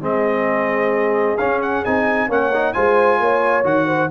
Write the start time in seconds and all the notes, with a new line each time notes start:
0.00 G#3 C4 G#4 D#5
1.37 C#4 F5
1.62 F#5
1.85 C4 D#4 G#5
2.28 A#3 C#4 C#5 F#5
2.53 D#4
2.73 G#3 F4 C5 G#5
3.20 A#3 C#5
3.64 D#3 F#4 F#5
3.86 C5